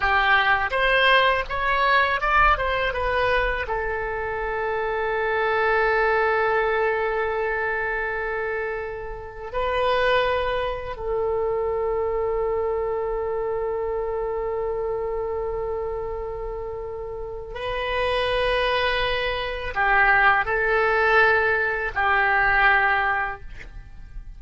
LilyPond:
\new Staff \with { instrumentName = "oboe" } { \time 4/4 \tempo 4 = 82 g'4 c''4 cis''4 d''8 c''8 | b'4 a'2.~ | a'1~ | a'4 b'2 a'4~ |
a'1~ | a'1 | b'2. g'4 | a'2 g'2 | }